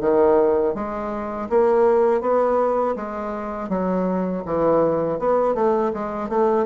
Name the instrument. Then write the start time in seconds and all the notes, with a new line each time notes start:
bassoon
0.00 D#3
0.74 G#3
1.49 A#3
2.21 B3
2.95 G#3
3.69 F#3
4.45 E3
5.19 B3
5.55 A3
5.93 G#3
6.29 A3